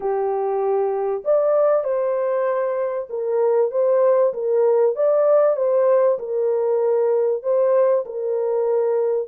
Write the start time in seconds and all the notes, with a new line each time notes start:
0.00 G4
1.24 D5
1.84 C5
3.09 A#4
3.71 C5
4.33 A#4
4.95 D5
5.56 C5
6.19 A#4
7.42 C5
8.05 A#4